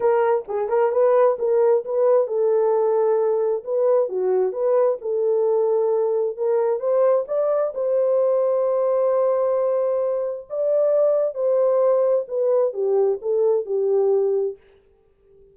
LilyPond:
\new Staff \with { instrumentName = "horn" } { \time 4/4 \tempo 4 = 132 ais'4 gis'8 ais'8 b'4 ais'4 | b'4 a'2. | b'4 fis'4 b'4 a'4~ | a'2 ais'4 c''4 |
d''4 c''2.~ | c''2. d''4~ | d''4 c''2 b'4 | g'4 a'4 g'2 | }